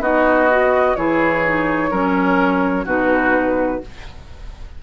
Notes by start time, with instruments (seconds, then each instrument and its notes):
0.00 bassoon B3, clarinet D#4, oboe F#4, flute D#5
0.50 clarinet F#4
0.96 bassoon E3, clarinet E4, oboe G#4, flute C#5
1.45 clarinet D#4
1.91 bassoon F#3, clarinet C#4, oboe A#4
2.86 bassoon B2, clarinet D#4, oboe F#4, flute B4